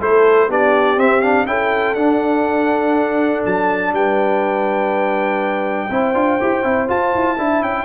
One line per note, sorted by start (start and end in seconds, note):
0.00 0.48 A3
0.00 0.49 E4
0.00 0.47 A4
0.00 0.51 C5
0.47 0.96 B3
0.47 0.97 D4
0.47 1.46 G4
0.47 0.99 D5
0.96 1.46 C4
0.96 1.22 C4
0.96 1.21 E5
1.21 1.46 D4
1.21 1.45 F5
1.46 1.95 C#4
1.46 1.95 E4
1.46 3.94 A4
1.46 1.94 G5
1.94 3.42 D4
1.94 5.90 D4
1.94 3.42 F#5
3.44 3.91 F#3
3.44 3.94 A5
3.91 5.88 G3
3.91 5.88 B4
3.91 6.89 G5
5.88 6.14 C4
5.88 6.14 E4
5.88 7.36 C5
6.14 6.39 D4
6.14 6.39 F4
6.39 6.63 E4
6.39 6.63 G4
6.63 6.88 C4
6.63 6.87 E4
6.87 7.36 F4
6.87 7.14 F4
6.87 7.62 A5
7.14 7.38 E4
7.38 7.61 D4
7.38 7.84 E4
7.38 7.84 E5
7.61 7.84 C#4
7.61 7.84 G5